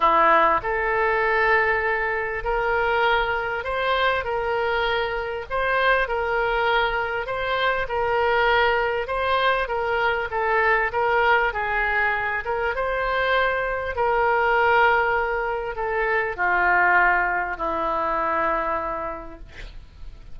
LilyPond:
\new Staff \with { instrumentName = "oboe" } { \time 4/4 \tempo 4 = 99 e'4 a'2. | ais'2 c''4 ais'4~ | ais'4 c''4 ais'2 | c''4 ais'2 c''4 |
ais'4 a'4 ais'4 gis'4~ | gis'8 ais'8 c''2 ais'4~ | ais'2 a'4 f'4~ | f'4 e'2. | }